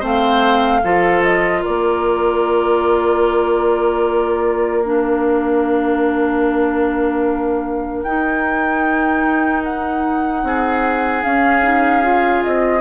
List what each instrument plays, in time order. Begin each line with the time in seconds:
0.00 bassoon A3, clarinet C4, oboe C5
0.06 flute F5
0.84 bassoon F3, clarinet F4, oboe A4
1.24 flute D#5
1.62 bassoon A#3, oboe A#4, flute D5
4.84 clarinet D4, flute F5
8.03 bassoon D#4, clarinet D#4, flute G5
9.63 flute F#5
10.44 bassoon C4, oboe G#4
11.23 clarinet C#4, bassoon C#4, flute F5
11.63 clarinet D#4
12.03 clarinet F4
12.44 bassoon C4, flute D#5